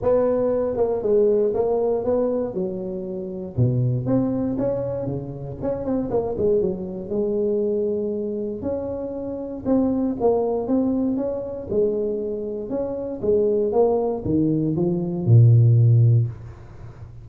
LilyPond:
\new Staff \with { instrumentName = "tuba" } { \time 4/4 \tempo 4 = 118 b4. ais8 gis4 ais4 | b4 fis2 b,4 | c'4 cis'4 cis4 cis'8 c'8 | ais8 gis8 fis4 gis2~ |
gis4 cis'2 c'4 | ais4 c'4 cis'4 gis4~ | gis4 cis'4 gis4 ais4 | dis4 f4 ais,2 | }